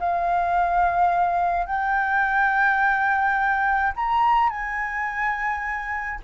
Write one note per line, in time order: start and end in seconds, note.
0.00 1.66 F5
1.66 3.93 G5
3.96 4.50 A#5
4.50 6.20 G#5